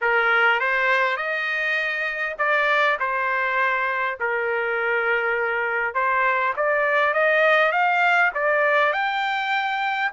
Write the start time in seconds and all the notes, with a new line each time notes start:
0.01 A#4
0.60 C5
1.17 D#5
2.38 D5
2.99 C5
4.20 A#4
5.94 C5
6.56 D5
7.13 D#5
7.72 F5
8.34 D5
8.92 G5